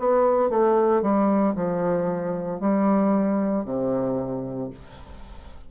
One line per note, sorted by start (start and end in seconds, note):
0.00 0.50 B3
0.50 1.02 A3
1.02 1.55 G3
1.56 2.61 F3
2.61 3.66 G3
3.66 4.71 C3